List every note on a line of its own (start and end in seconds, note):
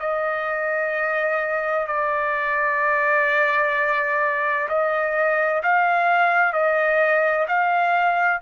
0.00 1.87 D#5
1.87 4.68 D5
4.69 5.62 D#5
5.63 6.53 F5
6.53 7.47 D#5
7.48 8.42 F5